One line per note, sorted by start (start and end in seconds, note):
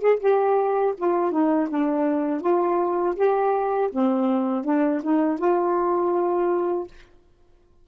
0.00 0.19 G#4
0.20 0.94 G4
0.97 1.31 F4
1.31 1.68 D#4
1.69 2.40 D4
2.40 3.14 F4
3.15 3.90 G4
3.92 4.64 C4
4.64 5.01 D4
5.03 5.39 D#4
5.39 6.87 F4